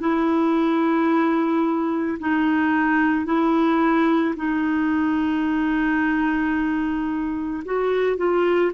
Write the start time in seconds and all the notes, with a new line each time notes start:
0.00 E4
2.19 D#4
3.25 E4
4.36 D#4
7.65 F#4
8.17 F4